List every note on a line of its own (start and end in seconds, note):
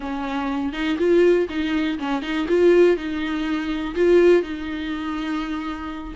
0.00 0.72 C#4
0.72 0.97 D#4
0.98 1.47 F4
1.49 1.98 D#4
1.99 2.22 C#4
2.22 2.46 D#4
2.48 2.96 F4
2.96 3.95 D#4
3.95 4.42 F4
4.42 6.14 D#4